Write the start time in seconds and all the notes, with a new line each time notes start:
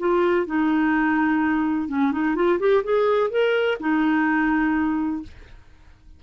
0.00 F4
0.47 D#4
1.89 C#4
2.12 D#4
2.36 F4
2.60 G4
2.84 G#4
3.31 A#4
3.80 D#4